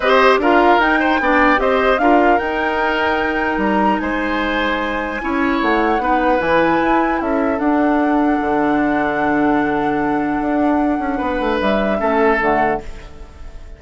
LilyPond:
<<
  \new Staff \with { instrumentName = "flute" } { \time 4/4 \tempo 4 = 150 dis''4 f''4 g''2 | dis''4 f''4 g''2~ | g''4 ais''4 gis''2~ | gis''2 fis''2 |
gis''2 e''4 fis''4~ | fis''1~ | fis''1~ | fis''4 e''2 fis''4 | }
  \new Staff \with { instrumentName = "oboe" } { \time 4/4 c''4 ais'4. c''8 d''4 | c''4 ais'2.~ | ais'2 c''2~ | c''4 cis''2 b'4~ |
b'2 a'2~ | a'1~ | a'1 | b'2 a'2 | }
  \new Staff \with { instrumentName = "clarinet" } { \time 4/4 g'4 f'4 dis'4 d'4 | g'4 f'4 dis'2~ | dis'1~ | dis'4 e'2 dis'4 |
e'2. d'4~ | d'1~ | d'1~ | d'2 cis'4 a4 | }
  \new Staff \with { instrumentName = "bassoon" } { \time 4/4 c'4 d'4 dis'4 b4 | c'4 d'4 dis'2~ | dis'4 g4 gis2~ | gis4 cis'4 a4 b4 |
e4 e'4 cis'4 d'4~ | d'4 d2.~ | d2 d'4. cis'8 | b8 a8 g4 a4 d4 | }
>>